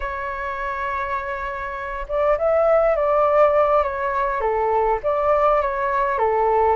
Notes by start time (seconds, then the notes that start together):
0.00 C#5
2.08 D5
2.38 E5
2.96 D5
3.83 C#5
4.40 A4
5.03 D5
5.61 C#5
6.18 A4